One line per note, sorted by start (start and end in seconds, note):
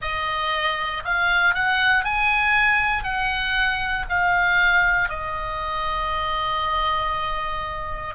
0.01 1.03 D#5
1.04 1.54 F5
1.54 2.04 F#5
2.04 3.03 G#5
3.03 4.05 F#5
4.09 5.09 F5
5.09 8.14 D#5